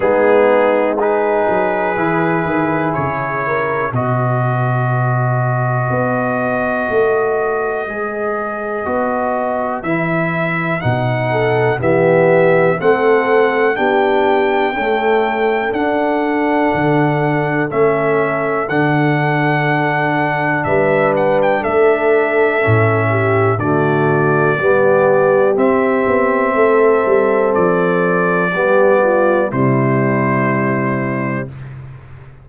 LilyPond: <<
  \new Staff \with { instrumentName = "trumpet" } { \time 4/4 \tempo 4 = 61 gis'4 b'2 cis''4 | dis''1~ | dis''2 e''4 fis''4 | e''4 fis''4 g''2 |
fis''2 e''4 fis''4~ | fis''4 e''8 fis''16 g''16 e''2 | d''2 e''2 | d''2 c''2 | }
  \new Staff \with { instrumentName = "horn" } { \time 4/4 dis'4 gis'2~ gis'8 ais'8 | b'1~ | b'2.~ b'8 a'8 | g'4 a'4 g'4 a'4~ |
a'1~ | a'4 b'4 a'4. g'8 | fis'4 g'2 a'4~ | a'4 g'8 f'8 e'2 | }
  \new Staff \with { instrumentName = "trombone" } { \time 4/4 b4 dis'4 e'2 | fis'1 | gis'4 fis'4 e'4 dis'4 | b4 c'4 d'4 a4 |
d'2 cis'4 d'4~ | d'2. cis'4 | a4 b4 c'2~ | c'4 b4 g2 | }
  \new Staff \with { instrumentName = "tuba" } { \time 4/4 gis4. fis8 e8 dis8 cis4 | b,2 b4 a4 | gis4 b4 e4 b,4 | e4 a4 b4 cis'4 |
d'4 d4 a4 d4~ | d4 g4 a4 a,4 | d4 g4 c'8 b8 a8 g8 | f4 g4 c2 | }
>>